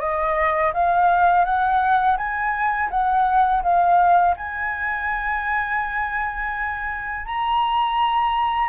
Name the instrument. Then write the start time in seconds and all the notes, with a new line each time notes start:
flute
0.00 D#5
0.74 F5
1.45 F#5
2.17 G#5
2.90 F#5
3.63 F5
4.37 G#5
7.26 A#5